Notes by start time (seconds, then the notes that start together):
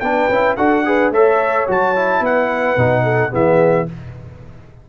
0.00 B3 D4 B4 G5
0.29 C#4 E4
0.56 D4 F#4 A4 F#5
0.85 G#4 B4
1.11 A3 A4 C#5 E5
1.67 F#3 F#4 A5
1.95 E4
2.20 B3 B4 F#5
2.76 B2 D#4
3.03 A4
3.31 E3 B3 G#4 E5